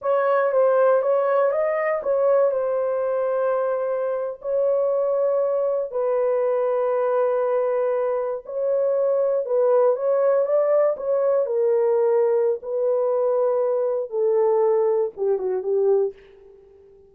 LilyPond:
\new Staff \with { instrumentName = "horn" } { \time 4/4 \tempo 4 = 119 cis''4 c''4 cis''4 dis''4 | cis''4 c''2.~ | c''8. cis''2. b'16~ | b'1~ |
b'8. cis''2 b'4 cis''16~ | cis''8. d''4 cis''4 ais'4~ ais'16~ | ais'4 b'2. | a'2 g'8 fis'8 g'4 | }